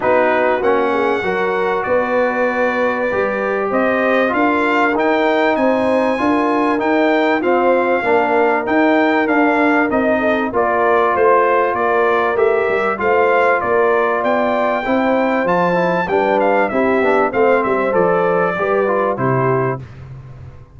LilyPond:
<<
  \new Staff \with { instrumentName = "trumpet" } { \time 4/4 \tempo 4 = 97 b'4 fis''2 d''4~ | d''2 dis''4 f''4 | g''4 gis''2 g''4 | f''2 g''4 f''4 |
dis''4 d''4 c''4 d''4 | e''4 f''4 d''4 g''4~ | g''4 a''4 g''8 f''8 e''4 | f''8 e''8 d''2 c''4 | }
  \new Staff \with { instrumentName = "horn" } { \time 4/4 fis'4. gis'8 ais'4 b'4~ | b'2 c''4 ais'4~ | ais'4 c''4 ais'2 | c''4 ais'2.~ |
ais'8 a'8 ais'4 c''4 ais'4~ | ais'4 c''4 ais'4 d''4 | c''2 b'4 g'4 | c''2 b'4 g'4 | }
  \new Staff \with { instrumentName = "trombone" } { \time 4/4 dis'4 cis'4 fis'2~ | fis'4 g'2 f'4 | dis'2 f'4 dis'4 | c'4 d'4 dis'4 d'4 |
dis'4 f'2. | g'4 f'2. | e'4 f'8 e'8 d'4 e'8 d'8 | c'4 a'4 g'8 f'8 e'4 | }
  \new Staff \with { instrumentName = "tuba" } { \time 4/4 b4 ais4 fis4 b4~ | b4 g4 c'4 d'4 | dis'4 c'4 d'4 dis'4 | f'4 ais4 dis'4 d'4 |
c'4 ais4 a4 ais4 | a8 g8 a4 ais4 b4 | c'4 f4 g4 c'8 b8 | a8 g8 f4 g4 c4 | }
>>